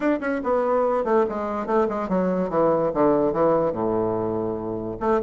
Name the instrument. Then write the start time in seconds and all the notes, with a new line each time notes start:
bassoon
0.00 D4
0.20 C#4
0.43 B3
1.04 A3
1.29 G#3
1.66 A3
1.89 G#3
2.09 F#3
2.49 E3
2.94 D3
3.32 E3
3.72 A2
5.00 A3